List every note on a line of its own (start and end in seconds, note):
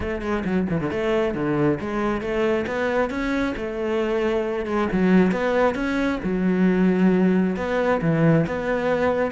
0.00 0.21 A3
0.21 0.43 G#3
0.44 0.67 F#3
0.69 0.80 E3
0.80 0.91 D3
0.91 1.34 A3
1.34 1.79 D3
1.80 2.21 G#3
2.21 2.65 A3
2.66 3.09 B3
3.09 3.54 C#4
3.56 4.65 A3
4.65 4.87 G#3
4.92 5.31 F#3
5.31 5.75 B3
5.75 6.19 C#4
6.23 7.56 F#3
7.56 8.00 B3
8.01 8.46 E3
8.46 9.31 B3